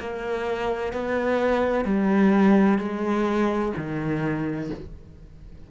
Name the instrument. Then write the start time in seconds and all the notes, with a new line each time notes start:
cello
0.00 A#3
0.93 B3
1.85 G3
2.79 G#3
3.77 D#3